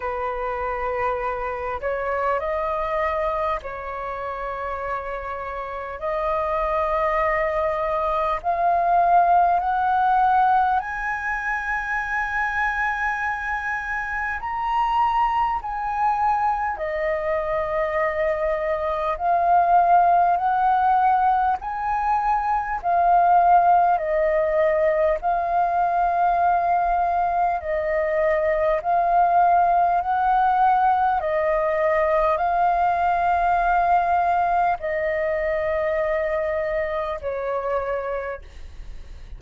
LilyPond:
\new Staff \with { instrumentName = "flute" } { \time 4/4 \tempo 4 = 50 b'4. cis''8 dis''4 cis''4~ | cis''4 dis''2 f''4 | fis''4 gis''2. | ais''4 gis''4 dis''2 |
f''4 fis''4 gis''4 f''4 | dis''4 f''2 dis''4 | f''4 fis''4 dis''4 f''4~ | f''4 dis''2 cis''4 | }